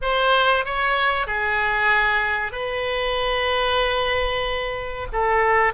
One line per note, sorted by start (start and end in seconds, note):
0.01 0.65 C5
0.65 1.26 C#5
1.26 2.52 G#4
2.52 5.07 B4
5.12 5.73 A4